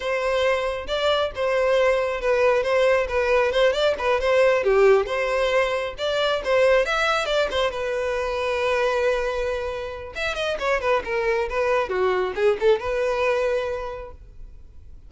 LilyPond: \new Staff \with { instrumentName = "violin" } { \time 4/4 \tempo 4 = 136 c''2 d''4 c''4~ | c''4 b'4 c''4 b'4 | c''8 d''8 b'8 c''4 g'4 c''8~ | c''4. d''4 c''4 e''8~ |
e''8 d''8 c''8 b'2~ b'8~ | b'2. e''8 dis''8 | cis''8 b'8 ais'4 b'4 fis'4 | gis'8 a'8 b'2. | }